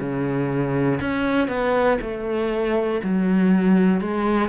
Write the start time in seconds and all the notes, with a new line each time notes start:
0.00 C#3
1.01 C#4
1.49 B3
2.01 A3
3.04 F#3
4.01 G#3